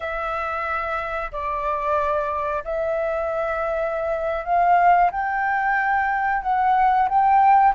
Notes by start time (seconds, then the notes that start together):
0.00 E5
1.32 D5
2.64 E5
4.45 F5
5.11 G5
6.42 F#5
7.08 G5